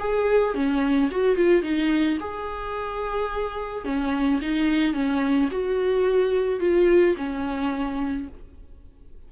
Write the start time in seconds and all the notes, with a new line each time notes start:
0.00 G#4
0.55 C#4
1.11 F#4
1.36 F4
1.63 D#4
2.20 G#4
3.85 C#4
4.42 D#4
4.94 C#4
5.52 F#4
6.60 F4
7.17 C#4